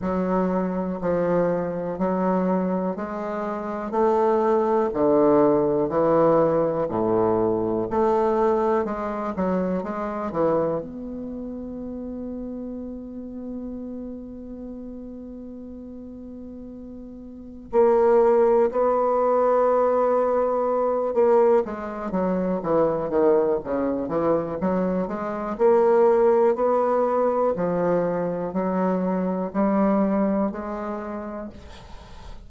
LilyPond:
\new Staff \with { instrumentName = "bassoon" } { \time 4/4 \tempo 4 = 61 fis4 f4 fis4 gis4 | a4 d4 e4 a,4 | a4 gis8 fis8 gis8 e8 b4~ | b1~ |
b2 ais4 b4~ | b4. ais8 gis8 fis8 e8 dis8 | cis8 e8 fis8 gis8 ais4 b4 | f4 fis4 g4 gis4 | }